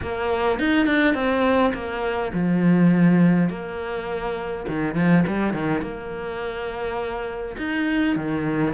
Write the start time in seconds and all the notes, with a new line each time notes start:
0.02 A#3
0.59 D#4
0.86 D4
1.14 C4
1.73 A#3
2.33 F3
3.49 A#3
4.68 D#3
4.94 F3
5.27 G3
5.53 D#3
5.81 A#3
7.57 D#4
8.16 D#3